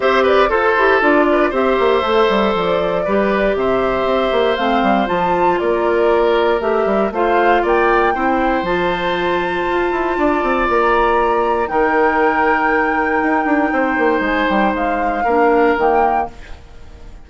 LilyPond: <<
  \new Staff \with { instrumentName = "flute" } { \time 4/4 \tempo 4 = 118 e''8 d''8 c''4 d''4 e''4~ | e''4 d''2 e''4~ | e''4 f''4 a''4 d''4~ | d''4 e''4 f''4 g''4~ |
g''4 a''2.~ | a''4 ais''2 g''4~ | g''1 | gis''8 g''8 f''2 g''4 | }
  \new Staff \with { instrumentName = "oboe" } { \time 4/4 c''8 b'8 a'4. b'8 c''4~ | c''2 b'4 c''4~ | c''2. ais'4~ | ais'2 c''4 d''4 |
c''1 | d''2. ais'4~ | ais'2. c''4~ | c''2 ais'2 | }
  \new Staff \with { instrumentName = "clarinet" } { \time 4/4 g'4 a'8 g'8 f'4 g'4 | a'2 g'2~ | g'4 c'4 f'2~ | f'4 g'4 f'2 |
e'4 f'2.~ | f'2. dis'4~ | dis'1~ | dis'2 d'4 ais4 | }
  \new Staff \with { instrumentName = "bassoon" } { \time 4/4 c'4 f'8 e'8 d'4 c'8 ais8 | a8 g8 f4 g4 c4 | c'8 ais8 a8 g8 f4 ais4~ | ais4 a8 g8 a4 ais4 |
c'4 f2 f'8 e'8 | d'8 c'8 ais2 dis4~ | dis2 dis'8 d'8 c'8 ais8 | gis8 g8 gis4 ais4 dis4 | }
>>